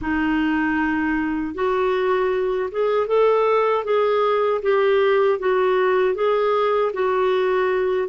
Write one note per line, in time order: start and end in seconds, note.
0.01 1.54 D#4
1.54 2.70 F#4
2.71 3.07 G#4
3.07 3.84 A4
3.84 4.61 G#4
4.62 5.38 G4
5.39 6.15 F#4
6.15 6.92 G#4
6.93 8.08 F#4